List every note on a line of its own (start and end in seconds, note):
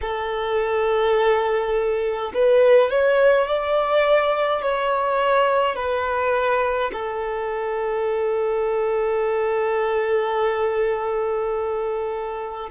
0.01 2.32 A4
2.33 2.90 B4
2.90 3.47 C#5
3.47 4.62 D5
4.62 5.75 C#5
5.75 6.91 B4
6.92 12.69 A4